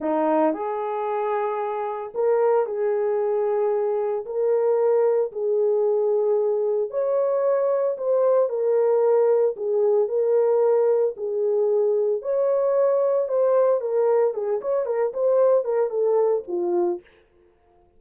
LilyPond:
\new Staff \with { instrumentName = "horn" } { \time 4/4 \tempo 4 = 113 dis'4 gis'2. | ais'4 gis'2. | ais'2 gis'2~ | gis'4 cis''2 c''4 |
ais'2 gis'4 ais'4~ | ais'4 gis'2 cis''4~ | cis''4 c''4 ais'4 gis'8 cis''8 | ais'8 c''4 ais'8 a'4 f'4 | }